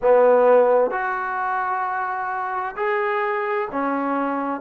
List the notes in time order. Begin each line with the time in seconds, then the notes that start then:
0.02 B3
0.91 F#4
2.76 G#4
3.71 C#4